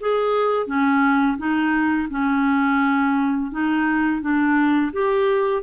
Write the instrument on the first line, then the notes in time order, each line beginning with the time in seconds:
clarinet
0.00 G#4
0.66 C#4
1.38 D#4
2.10 C#4
3.51 D#4
4.21 D4
4.93 G4